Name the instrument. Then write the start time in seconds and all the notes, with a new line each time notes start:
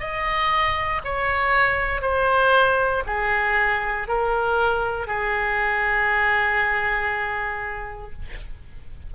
oboe
0.00 D#5
1.04 C#5
2.02 C5
3.06 G#4
4.08 A#4
5.07 G#4